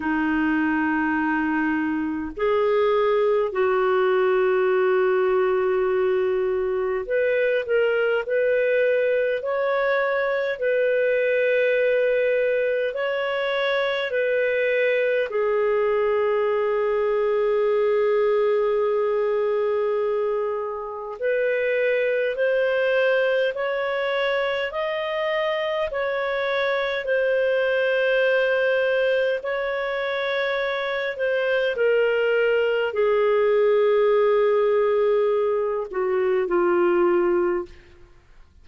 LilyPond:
\new Staff \with { instrumentName = "clarinet" } { \time 4/4 \tempo 4 = 51 dis'2 gis'4 fis'4~ | fis'2 b'8 ais'8 b'4 | cis''4 b'2 cis''4 | b'4 gis'2.~ |
gis'2 b'4 c''4 | cis''4 dis''4 cis''4 c''4~ | c''4 cis''4. c''8 ais'4 | gis'2~ gis'8 fis'8 f'4 | }